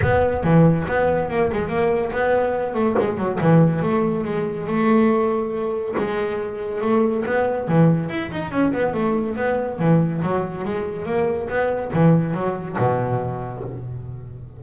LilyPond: \new Staff \with { instrumentName = "double bass" } { \time 4/4 \tempo 4 = 141 b4 e4 b4 ais8 gis8 | ais4 b4. a8 gis8 fis8 | e4 a4 gis4 a4~ | a2 gis2 |
a4 b4 e4 e'8 dis'8 | cis'8 b8 a4 b4 e4 | fis4 gis4 ais4 b4 | e4 fis4 b,2 | }